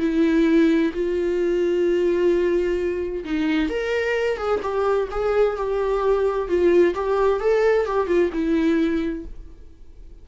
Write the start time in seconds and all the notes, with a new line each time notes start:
0.00 E4
0.94 F4
3.25 D#4
3.70 A#4
4.38 G#4
4.63 G4
5.11 G#4
5.57 G4
6.48 F4
6.95 G4
7.41 A4
7.86 G4
8.07 F4
8.33 E4